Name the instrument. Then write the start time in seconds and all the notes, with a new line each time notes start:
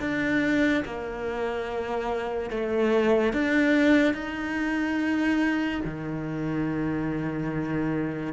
cello
0.00 D4
0.85 A#3
2.50 A3
3.33 D4
4.14 D#4
5.85 D#3